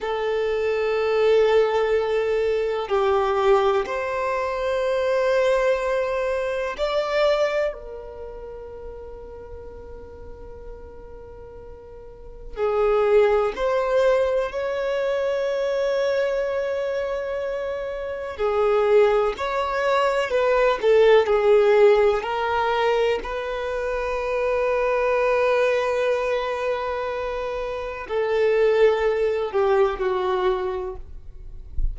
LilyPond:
\new Staff \with { instrumentName = "violin" } { \time 4/4 \tempo 4 = 62 a'2. g'4 | c''2. d''4 | ais'1~ | ais'4 gis'4 c''4 cis''4~ |
cis''2. gis'4 | cis''4 b'8 a'8 gis'4 ais'4 | b'1~ | b'4 a'4. g'8 fis'4 | }